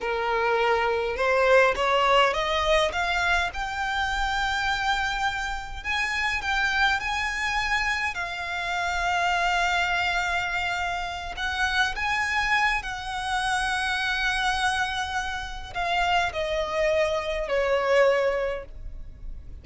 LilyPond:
\new Staff \with { instrumentName = "violin" } { \time 4/4 \tempo 4 = 103 ais'2 c''4 cis''4 | dis''4 f''4 g''2~ | g''2 gis''4 g''4 | gis''2 f''2~ |
f''2.~ f''8 fis''8~ | fis''8 gis''4. fis''2~ | fis''2. f''4 | dis''2 cis''2 | }